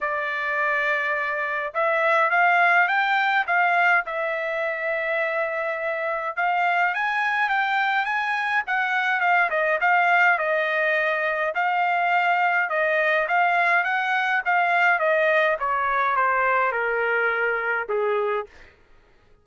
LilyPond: \new Staff \with { instrumentName = "trumpet" } { \time 4/4 \tempo 4 = 104 d''2. e''4 | f''4 g''4 f''4 e''4~ | e''2. f''4 | gis''4 g''4 gis''4 fis''4 |
f''8 dis''8 f''4 dis''2 | f''2 dis''4 f''4 | fis''4 f''4 dis''4 cis''4 | c''4 ais'2 gis'4 | }